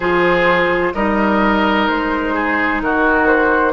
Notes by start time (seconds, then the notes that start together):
0.00 F3 F4 G#4 C5
0.94 G3 D#4 A#4 D#5
1.87 G#3 C5
2.34 G#4
2.81 D#3 F#4 A#4
3.26 C5